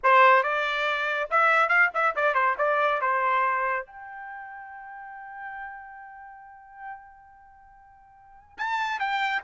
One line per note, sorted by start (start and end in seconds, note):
0.03 0.43 C5
0.43 1.29 D5
1.30 1.68 E5
1.68 1.90 F5
1.94 2.15 E5
2.15 2.34 D5
2.34 2.55 C5
2.58 3.01 D5
3.01 3.86 C5
3.86 8.57 G5
8.57 8.99 A5
8.99 9.42 G5